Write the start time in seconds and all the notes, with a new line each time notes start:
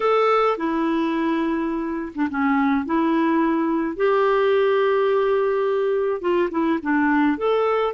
0.00 A4
0.57 E4
2.14 D4
2.30 C#4
2.85 E4
3.96 G4
6.21 F4
6.50 E4
6.82 D4
7.37 A4